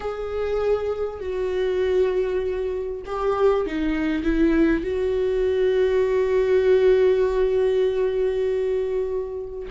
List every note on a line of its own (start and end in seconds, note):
0.00 1.20 G#4
1.20 3.01 F#4
3.05 3.66 G4
3.66 4.23 D#4
4.23 4.83 E4
4.83 9.68 F#4